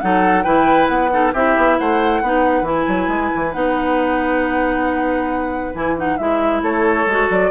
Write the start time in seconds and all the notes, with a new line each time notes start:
0.00 F#3 D#4 A4 F#5
0.43 E3 E4 B4 G5
0.88 B3 F#5
1.10 D#4 A4
1.33 C4 E4 G4 E5
1.57 B3
1.78 A3 C5 F#5
2.22 B3 D#4 B4
2.62 E3 E4 G#5
2.88 F#3
3.08 G#3
3.35 E3
3.52 B3 D#4 F#5
5.74 E3 E4 G#5
5.96 D#4 F#5
6.17 G#3 E4 E5
6.62 A3 A4 C#5
7.06 G#3 F#4
7.30 F#3 D5